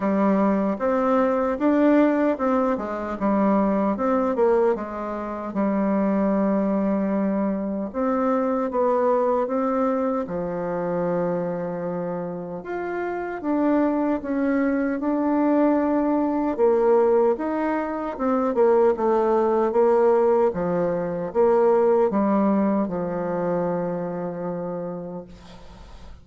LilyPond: \new Staff \with { instrumentName = "bassoon" } { \time 4/4 \tempo 4 = 76 g4 c'4 d'4 c'8 gis8 | g4 c'8 ais8 gis4 g4~ | g2 c'4 b4 | c'4 f2. |
f'4 d'4 cis'4 d'4~ | d'4 ais4 dis'4 c'8 ais8 | a4 ais4 f4 ais4 | g4 f2. | }